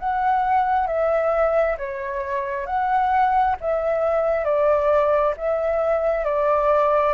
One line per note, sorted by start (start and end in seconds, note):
0.00 0.88 F#5
0.88 1.77 E5
1.78 2.67 C#5
2.67 3.57 F#5
3.61 4.45 E5
4.45 5.34 D5
5.37 6.25 E5
6.25 7.14 D5